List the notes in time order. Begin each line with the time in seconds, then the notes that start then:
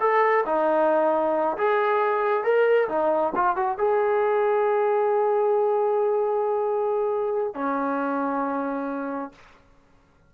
0.00 A4
0.46 D#4
1.57 G#4
2.44 A#4
2.88 D#4
3.35 F4
3.56 F#4
3.78 G#4
7.54 C#4